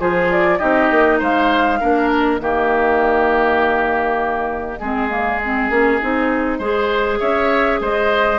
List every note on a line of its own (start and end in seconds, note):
0.00 0.60 F3
0.00 0.59 F4
0.00 0.59 G#4
0.00 0.31 C5
0.31 0.59 D5
0.59 0.91 C4
0.59 1.79 D#4
0.59 1.19 G4
0.59 1.19 D#5
0.91 1.21 A#3
1.19 1.81 G#3
1.19 1.79 C5
1.19 2.10 F5
1.81 2.40 A#3
1.81 2.41 D4
1.81 2.41 A#4
2.10 7.20 D#5
2.40 4.80 D#3
2.40 4.80 A#3
2.40 4.79 G4
4.79 5.70 G#3
4.79 5.10 C4
4.79 6.59 G#4
5.10 5.40 A#3
5.45 5.70 C4
5.70 6.00 A#3
5.70 6.00 C#4
6.01 6.59 C4
6.01 6.61 D#4
6.59 7.19 G#3
6.59 8.39 G#4
6.59 7.19 C5
7.20 7.81 C#4
7.20 7.80 C#5
7.20 7.80 E5
7.81 8.39 G#3
7.81 8.39 C5
7.81 8.39 D#5